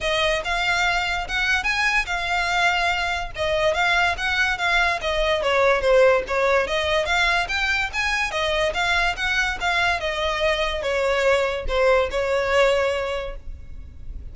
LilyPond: \new Staff \with { instrumentName = "violin" } { \time 4/4 \tempo 4 = 144 dis''4 f''2 fis''4 | gis''4 f''2. | dis''4 f''4 fis''4 f''4 | dis''4 cis''4 c''4 cis''4 |
dis''4 f''4 g''4 gis''4 | dis''4 f''4 fis''4 f''4 | dis''2 cis''2 | c''4 cis''2. | }